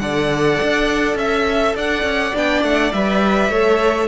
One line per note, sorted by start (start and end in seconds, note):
0.00 0.59 D3
0.00 2.34 A4
0.00 1.18 D5
0.00 1.17 F#5
0.63 1.15 D4
1.15 1.74 C#4
1.15 1.76 E5
1.76 2.03 D4
1.76 3.51 D5
1.76 2.37 F#5
2.03 2.32 C#4
2.34 2.63 B3
2.34 2.93 D4
2.34 2.63 G5
2.63 2.93 A3
2.63 2.93 F#5
2.93 3.50 G3
2.93 3.52 B4
2.93 4.08 E5
3.50 4.08 A3
3.50 4.08 A4
3.50 4.08 C#5